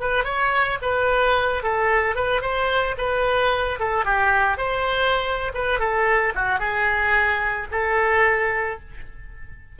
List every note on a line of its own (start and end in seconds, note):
0.00 0.24 B4
0.24 0.78 C#5
0.82 1.63 B4
1.63 2.15 A4
2.15 2.41 B4
2.41 2.95 C5
2.98 3.79 B4
3.79 4.05 A4
4.05 4.57 G4
4.57 5.52 C5
5.54 5.79 B4
5.79 6.33 A4
6.35 6.59 F#4
6.59 7.67 G#4
7.71 8.79 A4